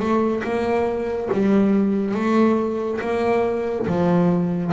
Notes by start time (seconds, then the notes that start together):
0.00 A3
0.44 A#3
1.32 G3
2.15 A3
3.01 A#3
3.87 F3